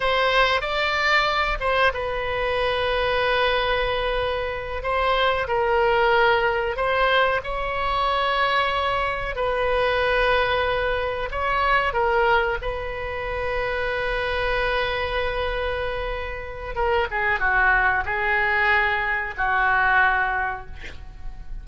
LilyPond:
\new Staff \with { instrumentName = "oboe" } { \time 4/4 \tempo 4 = 93 c''4 d''4. c''8 b'4~ | b'2.~ b'8 c''8~ | c''8 ais'2 c''4 cis''8~ | cis''2~ cis''8 b'4.~ |
b'4. cis''4 ais'4 b'8~ | b'1~ | b'2 ais'8 gis'8 fis'4 | gis'2 fis'2 | }